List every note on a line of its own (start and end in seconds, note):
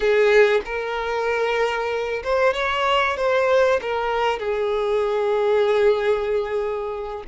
0.00 0.61 G#4
0.65 2.22 A#4
2.23 2.53 C5
2.53 3.16 C#5
3.17 3.80 C5
3.81 4.39 A#4
4.39 7.23 G#4